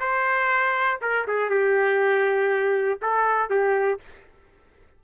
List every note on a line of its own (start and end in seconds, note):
0.00 1.00 C5
1.01 1.26 A#4
1.27 1.50 G#4
1.50 3.00 G4
3.02 3.50 A4
3.50 4.00 G4